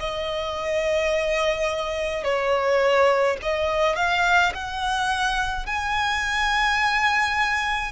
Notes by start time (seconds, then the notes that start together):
0.00 D#5
2.24 C#5
3.43 D#5
3.96 F5
4.54 F#5
5.66 G#5